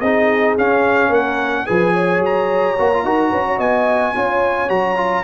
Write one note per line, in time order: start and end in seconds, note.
0.00 0.56 C4
0.00 0.58 D#4
0.00 1.09 G#4
0.00 0.55 D#5
0.57 1.08 C#4
0.57 1.66 C#4
0.57 1.13 F5
1.08 1.64 A#3
1.08 1.64 A#4
1.08 1.66 F#5
1.66 2.18 F3
1.66 2.76 G#4
1.66 1.93 B4
1.66 2.21 G#5
1.93 3.03 C#5
2.18 2.73 F#3
2.25 3.60 A#5
2.78 3.03 A#3
2.78 2.92 F#4
2.93 3.05 F4
3.03 3.31 D#4
3.03 4.14 F#4
3.03 3.30 A#4
3.30 3.58 C#4
3.30 3.43 B4
3.46 3.58 C#5
3.58 4.13 B3
3.58 4.13 D#5
3.58 4.69 G#5
4.14 4.69 C#4
4.14 4.68 F4
4.14 5.23 C#5
4.68 5.23 F#3
4.68 4.96 F#4
4.68 5.23 A#5
4.96 5.23 F4